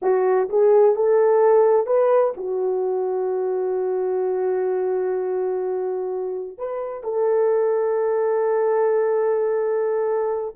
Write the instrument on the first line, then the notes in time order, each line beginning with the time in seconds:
horn
0.01 F#4
0.49 G#4
0.95 A4
1.86 B4
2.37 F#4
6.58 B4
7.03 A4